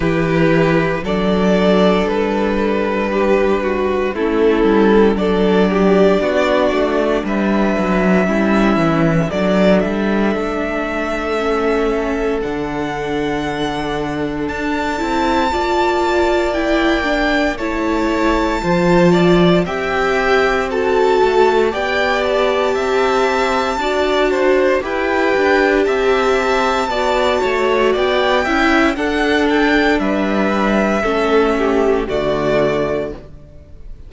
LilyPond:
<<
  \new Staff \with { instrumentName = "violin" } { \time 4/4 \tempo 4 = 58 b'4 d''4 b'2 | a'4 d''2 e''4~ | e''4 d''8 e''2~ e''8 | fis''2 a''2 |
g''4 a''2 g''4 | a''4 g''8 a''2~ a''8 | g''4 a''2 g''4 | fis''8 g''8 e''2 d''4 | }
  \new Staff \with { instrumentName = "violin" } { \time 4/4 g'4 a'2 g'8 fis'8 | e'4 a'8 g'8 fis'4 b'4 | e'4 a'2.~ | a'2. d''4~ |
d''4 cis''4 c''8 d''8 e''4 | a'4 d''4 e''4 d''8 c''8 | b'4 e''4 d''8 cis''8 d''8 e''8 | a'4 b'4 a'8 g'8 fis'4 | }
  \new Staff \with { instrumentName = "viola" } { \time 4/4 e'4 d'2. | cis'4 d'2. | cis'4 d'2 cis'4 | d'2~ d'8 e'8 f'4 |
e'8 d'8 e'4 f'4 g'4 | fis'4 g'2 fis'4 | g'2 fis'4. e'8 | d'2 cis'4 a4 | }
  \new Staff \with { instrumentName = "cello" } { \time 4/4 e4 fis4 g2 | a8 g8 fis4 b8 a8 g8 fis8 | g8 e8 fis8 g8 a2 | d2 d'8 c'8 ais4~ |
ais4 a4 f4 c'4~ | c'8 a8 b4 c'4 d'4 | e'8 d'8 c'4 b8 a8 b8 cis'8 | d'4 g4 a4 d4 | }
>>